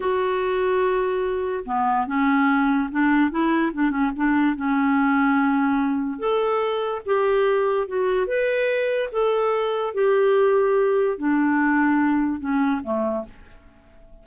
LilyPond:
\new Staff \with { instrumentName = "clarinet" } { \time 4/4 \tempo 4 = 145 fis'1 | b4 cis'2 d'4 | e'4 d'8 cis'8 d'4 cis'4~ | cis'2. a'4~ |
a'4 g'2 fis'4 | b'2 a'2 | g'2. d'4~ | d'2 cis'4 a4 | }